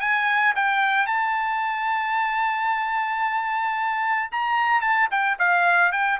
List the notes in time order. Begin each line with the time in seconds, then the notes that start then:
0.00 G#5
0.55 G5
1.06 A5
4.31 A#5
4.81 A5
5.10 G5
5.39 F5
5.92 G5